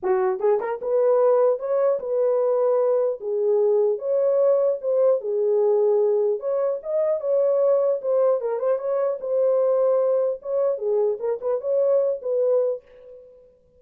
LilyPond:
\new Staff \with { instrumentName = "horn" } { \time 4/4 \tempo 4 = 150 fis'4 gis'8 ais'8 b'2 | cis''4 b'2. | gis'2 cis''2 | c''4 gis'2. |
cis''4 dis''4 cis''2 | c''4 ais'8 c''8 cis''4 c''4~ | c''2 cis''4 gis'4 | ais'8 b'8 cis''4. b'4. | }